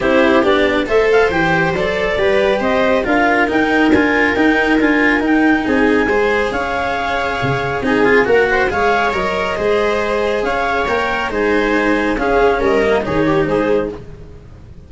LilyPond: <<
  \new Staff \with { instrumentName = "clarinet" } { \time 4/4 \tempo 4 = 138 c''4 d''4 e''8 f''8 g''4 | d''2 dis''4 f''4 | g''4 gis''4 g''4 gis''4 | g''4 gis''2 f''4~ |
f''2 gis''4 fis''4 | f''4 dis''2. | f''4 g''4 gis''2 | f''4 dis''4 cis''4 c''4 | }
  \new Staff \with { instrumentName = "viola" } { \time 4/4 g'2 c''2~ | c''4 b'4 c''4 ais'4~ | ais'1~ | ais'4 gis'4 c''4 cis''4~ |
cis''2 gis'4 ais'8 c''8 | cis''2 c''2 | cis''2 c''2 | gis'4 ais'4 gis'8 g'8 gis'4 | }
  \new Staff \with { instrumentName = "cello" } { \time 4/4 e'4 d'4 a'4 g'4 | a'4 g'2 f'4 | dis'4 f'4 dis'4 f'4 | dis'2 gis'2~ |
gis'2 dis'8 f'8 fis'4 | gis'4 ais'4 gis'2~ | gis'4 ais'4 dis'2 | cis'4. ais8 dis'2 | }
  \new Staff \with { instrumentName = "tuba" } { \time 4/4 c'4 b4 a4 e4 | fis4 g4 c'4 d'4 | dis'4 d'4 dis'4 d'4 | dis'4 c'4 gis4 cis'4~ |
cis'4 cis4 c'4 ais4 | gis4 fis4 gis2 | cis'4 ais4 gis2 | cis'4 g4 dis4 gis4 | }
>>